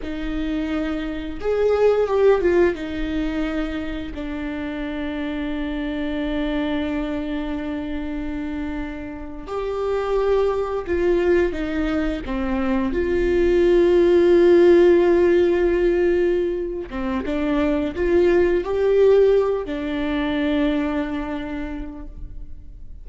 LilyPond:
\new Staff \with { instrumentName = "viola" } { \time 4/4 \tempo 4 = 87 dis'2 gis'4 g'8 f'8 | dis'2 d'2~ | d'1~ | d'4.~ d'16 g'2 f'16~ |
f'8. dis'4 c'4 f'4~ f'16~ | f'1~ | f'8 c'8 d'4 f'4 g'4~ | g'8 d'2.~ d'8 | }